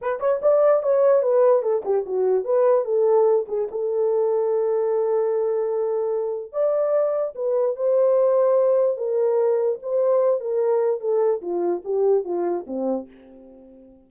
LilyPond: \new Staff \with { instrumentName = "horn" } { \time 4/4 \tempo 4 = 147 b'8 cis''8 d''4 cis''4 b'4 | a'8 g'8 fis'4 b'4 a'4~ | a'8 gis'8 a'2.~ | a'1 |
d''2 b'4 c''4~ | c''2 ais'2 | c''4. ais'4. a'4 | f'4 g'4 f'4 c'4 | }